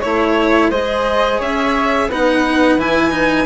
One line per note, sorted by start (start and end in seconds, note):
0.00 0.70 A3
0.00 0.71 E4
0.00 0.69 C#5
0.00 0.70 C#5
0.70 1.39 G#3
0.70 2.09 G#4
0.70 1.38 C5
0.70 1.39 D#5
1.38 2.08 C#4
1.38 2.07 C#5
1.38 2.10 E5
2.08 2.76 B3
2.08 2.78 D#4
2.08 3.45 B4
2.08 2.80 F#5
2.76 3.45 E3
2.76 3.10 E4
2.76 3.45 G#5
3.10 3.45 D#4